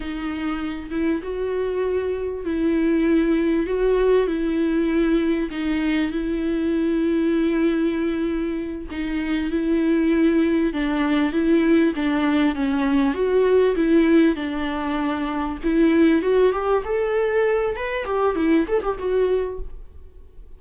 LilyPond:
\new Staff \with { instrumentName = "viola" } { \time 4/4 \tempo 4 = 98 dis'4. e'8 fis'2 | e'2 fis'4 e'4~ | e'4 dis'4 e'2~ | e'2~ e'8 dis'4 e'8~ |
e'4. d'4 e'4 d'8~ | d'8 cis'4 fis'4 e'4 d'8~ | d'4. e'4 fis'8 g'8 a'8~ | a'4 b'8 g'8 e'8 a'16 g'16 fis'4 | }